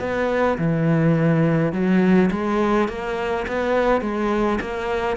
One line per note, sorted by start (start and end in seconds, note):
0.00 0.58 B3
0.58 1.73 E3
1.73 2.31 F#3
2.31 2.88 G#3
2.89 3.46 A#3
3.48 4.01 B3
4.01 4.59 G#3
4.61 5.17 A#3